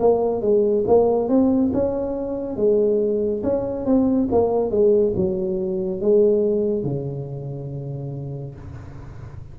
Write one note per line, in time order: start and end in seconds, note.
0.00 0.42 A#3
0.42 0.85 G#3
0.87 1.29 A#3
1.29 1.71 C4
1.73 2.56 C#4
2.56 3.42 G#3
3.43 3.85 C#4
3.85 4.28 C4
4.32 4.71 A#3
4.71 5.14 G#3
5.16 6.00 F#3
6.00 6.83 G#3
6.83 8.55 C#3